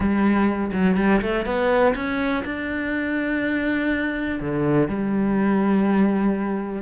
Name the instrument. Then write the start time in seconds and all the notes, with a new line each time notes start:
cello
0.00 G3
0.72 F#3
0.96 G3
1.21 A3
1.45 B3
1.95 C#4
2.44 D4
4.40 D3
4.88 G3